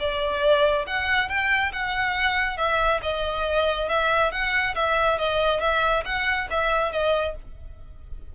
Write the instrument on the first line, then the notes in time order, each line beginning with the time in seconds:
violin
0.00 D5
0.87 F#5
1.29 G5
1.73 F#5
2.58 E5
3.03 D#5
3.89 E5
4.32 F#5
4.76 E5
5.19 D#5
5.61 E5
6.05 F#5
6.51 E5
6.92 D#5